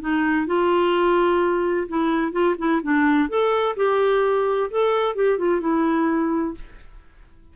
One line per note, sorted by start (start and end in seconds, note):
0.00 0.46 D#4
0.46 1.87 F4
1.88 2.32 E4
2.32 2.55 F4
2.58 2.81 E4
2.82 3.29 D4
3.29 3.75 A4
3.76 4.70 G4
4.70 5.15 A4
5.15 5.38 G4
5.38 5.60 F4
5.60 6.54 E4